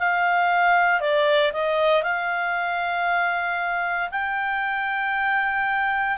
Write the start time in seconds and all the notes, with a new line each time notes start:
0.00 F5
1.01 D5
1.53 D#5
2.03 F5
4.11 G5